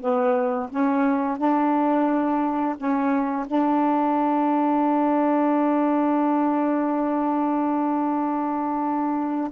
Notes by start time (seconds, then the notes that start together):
0.00 B3
0.69 C#4
1.37 D4
2.77 C#4
3.46 D4